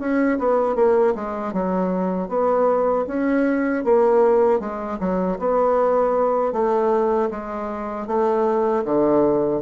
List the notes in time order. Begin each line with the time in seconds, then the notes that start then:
0.00 C#4
0.39 B3
0.76 A#3
1.15 G#3
1.53 F#3
2.29 B3
3.07 C#4
3.85 A#3
4.60 G#3
5.00 F#3
5.39 B3
6.53 A3
7.31 G#3
8.07 A3
8.85 D3